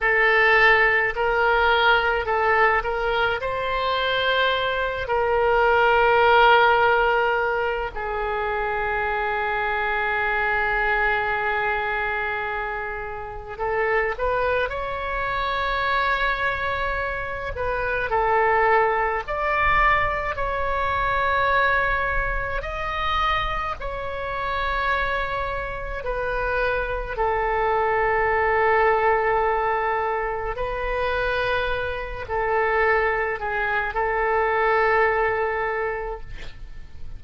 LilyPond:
\new Staff \with { instrumentName = "oboe" } { \time 4/4 \tempo 4 = 53 a'4 ais'4 a'8 ais'8 c''4~ | c''8 ais'2~ ais'8 gis'4~ | gis'1 | a'8 b'8 cis''2~ cis''8 b'8 |
a'4 d''4 cis''2 | dis''4 cis''2 b'4 | a'2. b'4~ | b'8 a'4 gis'8 a'2 | }